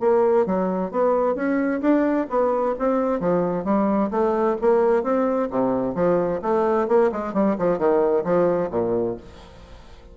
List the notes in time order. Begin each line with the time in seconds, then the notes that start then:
0.00 A#3
0.46 F#3
0.91 B3
1.35 C#4
1.81 D4
2.29 B3
2.79 C4
3.20 F3
3.64 G3
4.11 A3
4.61 A#3
5.03 C4
5.50 C3
5.95 F3
6.42 A3
6.88 A#3
7.12 G#3
7.34 G3
7.58 F3
7.78 D#3
8.24 F3
8.71 A#2